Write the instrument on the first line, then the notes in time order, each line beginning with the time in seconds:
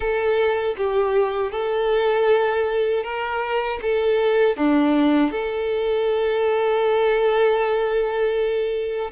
violin
0.00 A4
0.77 G4
1.51 A4
3.03 A#4
3.81 A4
4.56 D4
5.31 A4